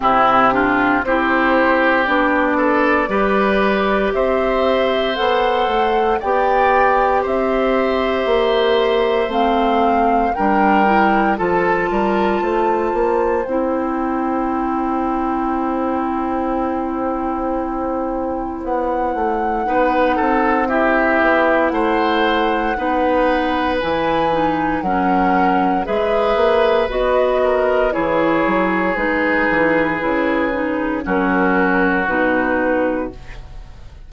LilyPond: <<
  \new Staff \with { instrumentName = "flute" } { \time 4/4 \tempo 4 = 58 g'4 c''4 d''2 | e''4 fis''4 g''4 e''4~ | e''4 f''4 g''4 a''4~ | a''4 g''2.~ |
g''2 fis''2 | e''4 fis''2 gis''4 | fis''4 e''4 dis''4 cis''4 | b'2 ais'4 b'4 | }
  \new Staff \with { instrumentName = "oboe" } { \time 4/4 e'8 f'8 g'4. a'8 b'4 | c''2 d''4 c''4~ | c''2 ais'4 a'8 ais'8 | c''1~ |
c''2. b'8 a'8 | g'4 c''4 b'2 | ais'4 b'4. ais'8 gis'4~ | gis'2 fis'2 | }
  \new Staff \with { instrumentName = "clarinet" } { \time 4/4 c'8 d'8 e'4 d'4 g'4~ | g'4 a'4 g'2~ | g'4 c'4 d'8 e'8 f'4~ | f'4 e'2.~ |
e'2. dis'4 | e'2 dis'4 e'8 dis'8 | cis'4 gis'4 fis'4 e'4 | dis'4 e'8 dis'8 cis'4 dis'4 | }
  \new Staff \with { instrumentName = "bassoon" } { \time 4/4 c4 c'4 b4 g4 | c'4 b8 a8 b4 c'4 | ais4 a4 g4 f8 g8 | a8 ais8 c'2.~ |
c'2 b8 a8 b8 c'8~ | c'8 b8 a4 b4 e4 | fis4 gis8 ais8 b4 e8 fis8 | gis8 e8 cis4 fis4 b,4 | }
>>